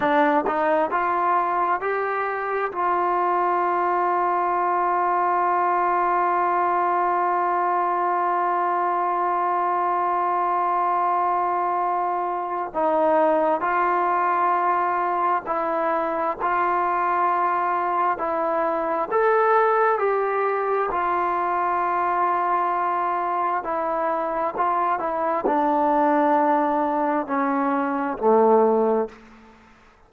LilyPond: \new Staff \with { instrumentName = "trombone" } { \time 4/4 \tempo 4 = 66 d'8 dis'8 f'4 g'4 f'4~ | f'1~ | f'1~ | f'2 dis'4 f'4~ |
f'4 e'4 f'2 | e'4 a'4 g'4 f'4~ | f'2 e'4 f'8 e'8 | d'2 cis'4 a4 | }